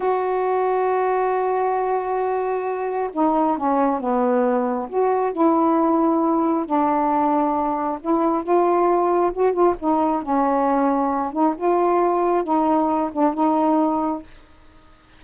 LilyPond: \new Staff \with { instrumentName = "saxophone" } { \time 4/4 \tempo 4 = 135 fis'1~ | fis'2. dis'4 | cis'4 b2 fis'4 | e'2. d'4~ |
d'2 e'4 f'4~ | f'4 fis'8 f'8 dis'4 cis'4~ | cis'4. dis'8 f'2 | dis'4. d'8 dis'2 | }